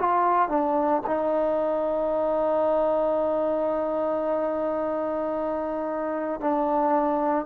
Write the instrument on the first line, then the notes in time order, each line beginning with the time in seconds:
trombone
0.00 F4
0.49 D4
1.07 D#4
6.41 D4